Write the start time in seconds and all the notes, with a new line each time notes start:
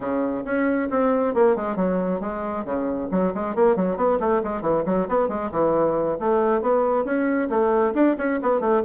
0.00 C#3
0.44 C#4
0.90 C4
1.34 A#3
1.56 G#3
1.76 F#3
2.20 G#3
2.65 C#3
3.11 F#3
3.34 G#3
3.55 A#3
3.75 F#3
3.96 B3
4.20 A3
4.43 G#3
4.61 E3
4.85 F#3
5.08 B3
5.28 G#3
5.51 E3
6.19 A3
6.61 B3
7.04 C#4
7.49 A3
7.94 D4
8.18 C#4
8.42 B3
8.60 A3